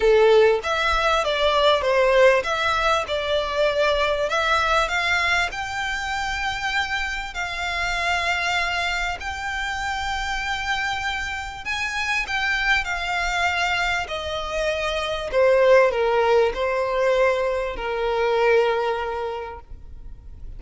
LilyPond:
\new Staff \with { instrumentName = "violin" } { \time 4/4 \tempo 4 = 98 a'4 e''4 d''4 c''4 | e''4 d''2 e''4 | f''4 g''2. | f''2. g''4~ |
g''2. gis''4 | g''4 f''2 dis''4~ | dis''4 c''4 ais'4 c''4~ | c''4 ais'2. | }